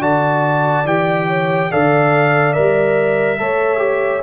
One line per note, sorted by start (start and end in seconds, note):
0.00 0.85 D3
0.00 0.86 F#4
0.00 1.27 D5
0.00 0.87 A5
0.85 1.69 E3
0.85 1.70 G4
0.85 1.71 G5
1.27 1.70 C#5
1.71 2.57 D3
1.71 2.54 A4
1.71 3.40 D5
1.71 2.53 F5
2.53 3.40 G3
2.53 3.38 A#4
2.53 4.22 E5
3.38 4.23 A3
3.38 3.77 A4
3.38 4.23 C#5
3.77 4.20 G4